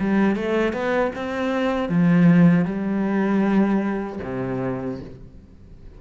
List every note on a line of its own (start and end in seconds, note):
0.00 0.36 G3
0.36 0.73 A3
0.73 1.12 B3
1.15 1.89 C4
1.89 2.65 F3
2.65 4.19 G3
4.24 5.01 C3